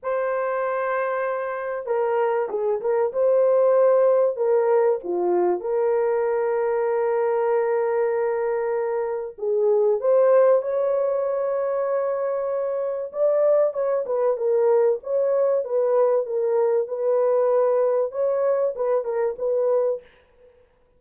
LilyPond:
\new Staff \with { instrumentName = "horn" } { \time 4/4 \tempo 4 = 96 c''2. ais'4 | gis'8 ais'8 c''2 ais'4 | f'4 ais'2.~ | ais'2. gis'4 |
c''4 cis''2.~ | cis''4 d''4 cis''8 b'8 ais'4 | cis''4 b'4 ais'4 b'4~ | b'4 cis''4 b'8 ais'8 b'4 | }